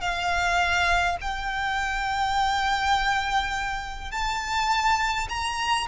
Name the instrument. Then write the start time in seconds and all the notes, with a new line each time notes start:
violin
0.00 F5
1.20 G5
4.11 A5
5.29 A#5